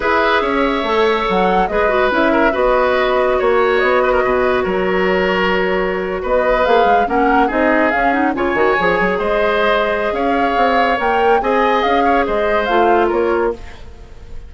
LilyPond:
<<
  \new Staff \with { instrumentName = "flute" } { \time 4/4 \tempo 4 = 142 e''2. fis''4 | dis''4 e''4 dis''2 | cis''4 dis''2 cis''4~ | cis''2~ cis''8. dis''4 f''16~ |
f''8. fis''4 dis''4 f''8 fis''8 gis''16~ | gis''4.~ gis''16 dis''2~ dis''16 | f''2 g''4 gis''4 | f''4 dis''4 f''4 cis''4 | }
  \new Staff \with { instrumentName = "oboe" } { \time 4/4 b'4 cis''2. | b'4. ais'8 b'2 | cis''4. b'16 ais'16 b'4 ais'4~ | ais'2~ ais'8. b'4~ b'16~ |
b'8. ais'4 gis'2 cis''16~ | cis''4.~ cis''16 c''2~ c''16 | cis''2. dis''4~ | dis''8 cis''8 c''2 ais'4 | }
  \new Staff \with { instrumentName = "clarinet" } { \time 4/4 gis'2 a'2 | gis'8 fis'8 e'4 fis'2~ | fis'1~ | fis'2.~ fis'8. gis'16~ |
gis'8. cis'4 dis'4 cis'8 dis'8 f'16~ | f'16 fis'8 gis'2.~ gis'16~ | gis'2 ais'4 gis'4~ | gis'2 f'2 | }
  \new Staff \with { instrumentName = "bassoon" } { \time 4/4 e'4 cis'4 a4 fis4 | gis4 cis'4 b2 | ais4 b4 b,4 fis4~ | fis2~ fis8. b4 ais16~ |
ais16 gis8 ais4 c'4 cis'4 cis16~ | cis16 dis8 f8 fis8 gis2~ gis16 | cis'4 c'4 ais4 c'4 | cis'4 gis4 a4 ais4 | }
>>